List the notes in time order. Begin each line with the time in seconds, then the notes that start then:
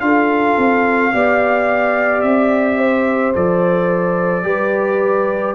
0.00 D4 F4 A4 F5
0.57 C4
1.13 B3 G4 D5
2.21 C4 E5
2.78 C5
3.34 F3 A4 D5
4.43 G3 G4 B4